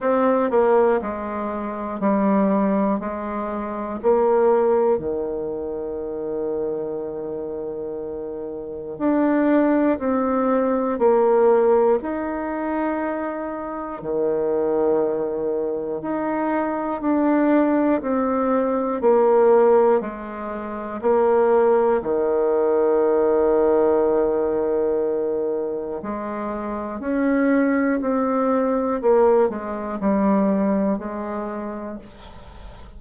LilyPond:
\new Staff \with { instrumentName = "bassoon" } { \time 4/4 \tempo 4 = 60 c'8 ais8 gis4 g4 gis4 | ais4 dis2.~ | dis4 d'4 c'4 ais4 | dis'2 dis2 |
dis'4 d'4 c'4 ais4 | gis4 ais4 dis2~ | dis2 gis4 cis'4 | c'4 ais8 gis8 g4 gis4 | }